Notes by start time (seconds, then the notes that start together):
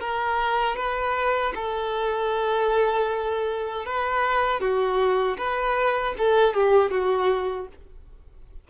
0.00 A#4
0.76 B4
1.55 A4
3.86 B4
4.60 F#4
5.37 B4
6.18 A4
6.54 G4
6.91 F#4